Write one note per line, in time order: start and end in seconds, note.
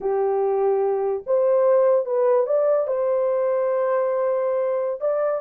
0.01 1.23 G4
1.26 2.05 C5
2.05 2.46 B4
2.46 2.87 D5
2.87 5.01 C5
5.01 5.41 D5